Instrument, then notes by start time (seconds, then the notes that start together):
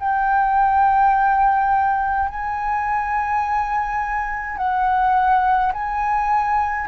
flute
0.00 G5
2.29 G#5
4.57 F#5
5.73 G#5